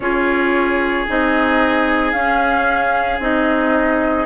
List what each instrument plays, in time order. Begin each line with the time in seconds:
0.00 bassoon C#4, clarinet F4, oboe G#4, flute C#5
1.07 bassoon C4, clarinet D#4, flute D#5
2.12 bassoon C#4, clarinet C#4, flute F5
3.19 bassoon C4, clarinet D#4, flute D#5